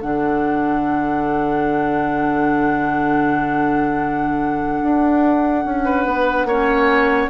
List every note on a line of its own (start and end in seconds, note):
0.00 4.82 D3
0.00 6.48 D4
0.00 5.83 A4
0.00 7.31 F#5
4.82 5.65 D4
5.65 6.06 C#4
5.85 6.48 B4
6.06 6.45 B3
6.45 7.28 A#3
6.45 7.31 C#4
6.45 7.31 C#5